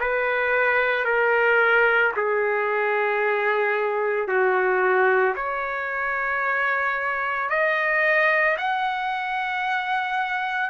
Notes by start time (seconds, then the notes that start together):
0.00 B4
1.05 A#4
2.16 G#4
4.28 F#4
5.35 C#5
7.50 D#5
8.57 F#5